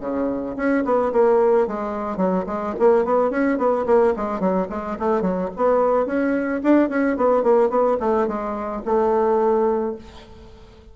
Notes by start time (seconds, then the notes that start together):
0.00 C#3
0.56 C#4
0.85 B3
1.12 A#3
1.67 G#3
2.17 F#3
2.46 G#3
2.79 A#3
3.05 B3
3.30 C#4
3.58 B3
3.86 A#3
4.17 G#3
4.40 F#3
4.70 G#3
4.99 A3
5.22 F#3
5.56 B3
6.06 C#4
6.63 D4
6.89 C#4
7.17 B3
7.43 A#3
7.70 B3
8.00 A3
8.27 G#3
8.85 A3